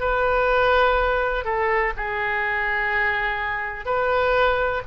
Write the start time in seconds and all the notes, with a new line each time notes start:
0.00 B4
1.45 A4
1.97 G#4
3.86 B4